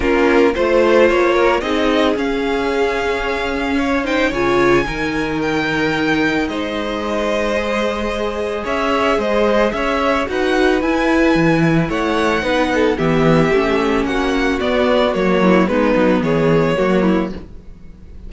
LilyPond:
<<
  \new Staff \with { instrumentName = "violin" } { \time 4/4 \tempo 4 = 111 ais'4 c''4 cis''4 dis''4 | f''2.~ f''8 g''8 | gis''2 g''2 | dis''1 |
e''4 dis''4 e''4 fis''4 | gis''2 fis''2 | e''2 fis''4 d''4 | cis''4 b'4 cis''2 | }
  \new Staff \with { instrumentName = "violin" } { \time 4/4 f'4 c''4. ais'8 gis'4~ | gis'2. cis''8 c''8 | cis''4 ais'2. | c''1 |
cis''4 c''4 cis''4 b'4~ | b'2 cis''4 b'8 a'8 | g'2 fis'2~ | fis'8 e'8 dis'4 gis'4 fis'8 e'8 | }
  \new Staff \with { instrumentName = "viola" } { \time 4/4 cis'4 f'2 dis'4 | cis'2.~ cis'8 dis'8 | f'4 dis'2.~ | dis'2 gis'2~ |
gis'2. fis'4 | e'2. dis'4 | b4 cis'2 b4 | ais4 b2 ais4 | }
  \new Staff \with { instrumentName = "cello" } { \time 4/4 ais4 a4 ais4 c'4 | cis'1 | cis4 dis2. | gis1 |
cis'4 gis4 cis'4 dis'4 | e'4 e4 a4 b4 | e4 a4 ais4 b4 | fis4 gis8 fis8 e4 fis4 | }
>>